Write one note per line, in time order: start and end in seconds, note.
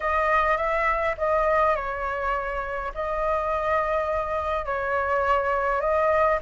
0.00 0.57 D#5
0.57 1.15 E5
1.17 1.75 D#5
1.75 2.92 C#5
2.94 4.65 D#5
4.65 5.80 C#5
5.80 6.38 D#5